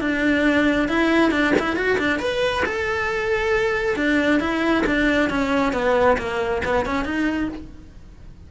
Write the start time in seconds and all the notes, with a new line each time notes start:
0.00 D4
0.88 E4
1.31 D4
1.59 E4
1.75 F#4
1.98 D4
2.19 B4
2.65 A4
3.96 D4
4.40 E4
4.86 D4
5.29 C#4
5.72 B3
6.18 A#3
6.64 B3
6.85 C#4
7.04 D#4